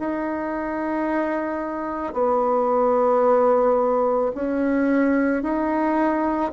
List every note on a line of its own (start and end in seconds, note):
0.00 2.14 D#4
2.14 4.32 B3
4.35 5.43 C#4
5.43 6.52 D#4